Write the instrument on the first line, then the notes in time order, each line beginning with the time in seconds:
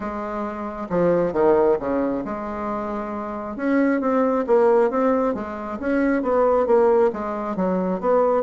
bassoon
0.00 G#3
0.89 F3
1.32 D#3
1.79 C#3
2.24 G#3
3.56 C#4
4.00 C4
4.46 A#3
4.90 C4
5.34 G#3
5.79 C#4
6.22 B3
6.66 A#3
7.12 G#3
7.56 F#3
8.00 B3